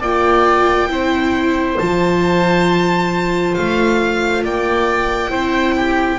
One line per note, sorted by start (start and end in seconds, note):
0.00 0.89 A#3
0.00 0.89 F4
0.00 0.88 D5
0.00 1.78 G5
0.89 1.77 C4
0.89 1.77 E4
0.89 4.43 C5
1.78 3.57 F3
1.78 5.30 F4
1.78 3.54 A5
3.55 4.44 A3
3.55 4.43 F5
4.43 5.30 A#3
4.43 5.31 D5
4.43 6.19 G5
5.30 6.18 C4
5.30 6.18 E4
5.30 5.75 C5
5.77 6.19 G4